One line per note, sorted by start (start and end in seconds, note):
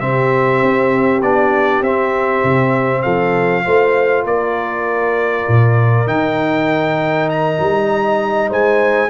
0.00 0.62 C3
0.00 1.22 C4
0.00 3.04 G4
0.00 1.21 E5
0.63 1.23 C4
1.23 1.81 B3
1.23 1.84 D4
1.23 1.83 D5
1.81 2.42 C4
1.81 3.65 C4
1.81 3.03 E5
2.44 3.05 C3
3.03 3.66 F3
3.03 3.64 A4
3.03 4.24 F5
3.65 4.25 A3
3.65 6.07 F4
3.65 4.26 C5
4.25 5.46 A#3
4.25 7.89 A#4
4.25 6.08 D5
5.48 6.07 A#2
6.07 7.59 D#3
6.07 9.10 D#4
6.07 7.29 G5
7.30 8.52 A#5
7.59 8.50 G3
7.89 8.50 D#5
8.50 9.10 G#3
8.50 9.10 C5
8.50 9.10 G#5